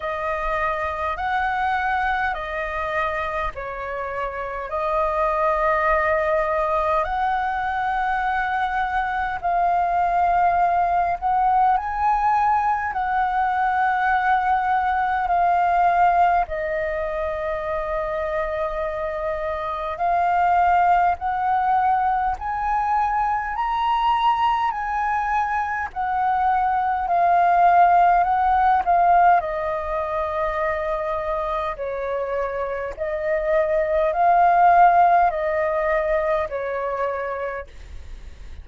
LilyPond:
\new Staff \with { instrumentName = "flute" } { \time 4/4 \tempo 4 = 51 dis''4 fis''4 dis''4 cis''4 | dis''2 fis''2 | f''4. fis''8 gis''4 fis''4~ | fis''4 f''4 dis''2~ |
dis''4 f''4 fis''4 gis''4 | ais''4 gis''4 fis''4 f''4 | fis''8 f''8 dis''2 cis''4 | dis''4 f''4 dis''4 cis''4 | }